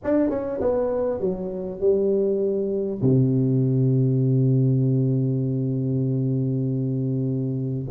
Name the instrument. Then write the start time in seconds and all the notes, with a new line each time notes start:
tuba
0.04 D4
0.29 C#4
0.61 B3
1.20 F#3
1.80 G3
3.01 C3